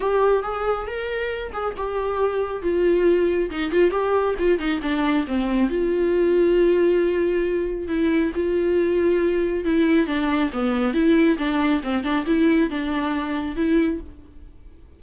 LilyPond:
\new Staff \with { instrumentName = "viola" } { \time 4/4 \tempo 4 = 137 g'4 gis'4 ais'4. gis'8 | g'2 f'2 | dis'8 f'8 g'4 f'8 dis'8 d'4 | c'4 f'2.~ |
f'2 e'4 f'4~ | f'2 e'4 d'4 | b4 e'4 d'4 c'8 d'8 | e'4 d'2 e'4 | }